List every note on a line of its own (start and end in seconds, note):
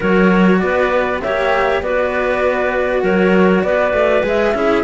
0.00 0.62 F#3
0.00 1.21 F#4
0.00 0.58 A#4
0.00 0.59 C#5
0.59 1.23 B3
0.59 1.23 B4
0.59 1.20 D5
1.21 1.81 A#3
1.21 1.82 G4
1.21 1.83 C#5
1.21 1.82 E5
1.81 3.02 B3
1.81 4.23 F#4
1.81 3.02 B4
1.81 3.03 D5
3.02 3.63 F#3
3.02 3.63 A#4
3.02 3.62 C#5
3.62 3.92 B3
3.62 4.55 B4
3.62 4.23 D5
3.92 4.23 A3
4.23 4.53 G#3
4.23 4.53 G#4
4.23 4.83 E5
4.54 4.83 C#4
4.54 4.83 E4
4.54 4.83 G#4